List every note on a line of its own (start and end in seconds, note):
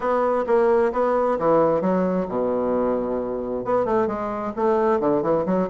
0.00 0.44 B3
0.46 0.92 A#3
0.92 1.38 B3
1.39 1.81 E3
1.81 2.26 F#3
2.28 3.64 B2
3.64 3.85 B3
3.85 4.07 A3
4.07 4.52 G#3
4.56 5.00 A3
5.00 5.22 D3
5.22 5.45 E3
5.45 5.68 F#3